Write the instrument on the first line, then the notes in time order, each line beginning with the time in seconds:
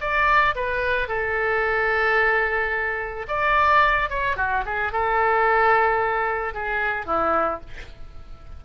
oboe
0.00 D5
0.55 B4
1.08 A4
3.28 D5
4.09 C#5
4.36 F#4
4.65 G#4
4.92 A4
6.54 G#4
7.06 E4